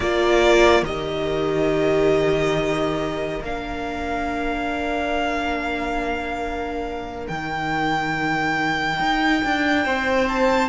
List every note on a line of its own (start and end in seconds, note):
0.00 0.82 A#3
0.00 0.85 F4
0.00 9.84 A#4
0.00 0.84 D5
0.82 3.39 D#3
0.82 3.42 G4
0.82 3.42 D#5
3.41 7.27 A#3
3.41 7.30 D4
3.41 7.27 F5
7.27 8.99 D#3
7.27 10.69 D#4
7.27 10.27 G5
8.99 9.42 D#4
9.44 9.85 D4
9.84 10.69 C4
9.84 10.69 C5
10.28 10.69 A5